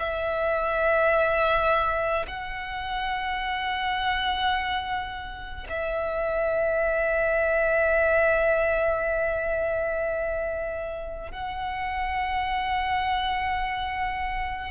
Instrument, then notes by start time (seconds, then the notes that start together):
violin
0.00 E5
2.27 F#5
5.69 E5
11.32 F#5